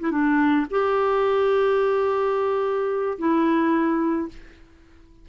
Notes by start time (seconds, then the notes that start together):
0.00 E4
0.11 D4
0.70 G4
3.18 E4